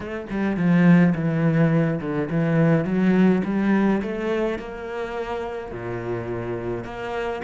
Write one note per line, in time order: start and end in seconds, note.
0.00 0.26 A3
0.29 0.57 G3
0.57 1.14 F3
1.14 2.00 E3
2.00 2.29 D3
2.30 2.84 E3
2.84 3.42 F#3
3.44 4.01 G3
4.02 4.59 A3
4.59 5.71 A#3
5.71 6.84 A#2
6.84 7.41 A#3